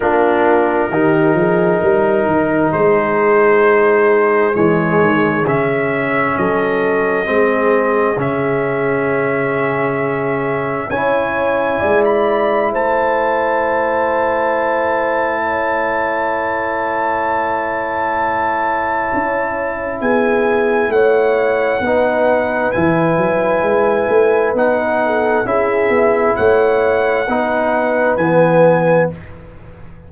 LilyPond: <<
  \new Staff \with { instrumentName = "trumpet" } { \time 4/4 \tempo 4 = 66 ais'2. c''4~ | c''4 cis''4 e''4 dis''4~ | dis''4 e''2. | gis''4~ gis''16 b''8. a''2~ |
a''1~ | a''2 gis''4 fis''4~ | fis''4 gis''2 fis''4 | e''4 fis''2 gis''4 | }
  \new Staff \with { instrumentName = "horn" } { \time 4/4 f'4 g'8 gis'8 ais'4 gis'4~ | gis'2. a'4 | gis'1 | cis''4 d''4 c''2~ |
c''4 cis''2.~ | cis''2 gis'4 cis''4 | b'2.~ b'8 a'8 | gis'4 cis''4 b'2 | }
  \new Staff \with { instrumentName = "trombone" } { \time 4/4 d'4 dis'2.~ | dis'4 gis4 cis'2 | c'4 cis'2. | e'1~ |
e'1~ | e'1 | dis'4 e'2 dis'4 | e'2 dis'4 b4 | }
  \new Staff \with { instrumentName = "tuba" } { \time 4/4 ais4 dis8 f8 g8 dis8 gis4~ | gis4 e8 dis8 cis4 fis4 | gis4 cis2. | cis'4 gis4 a2~ |
a1~ | a4 cis'4 b4 a4 | b4 e8 fis8 gis8 a8 b4 | cis'8 b8 a4 b4 e4 | }
>>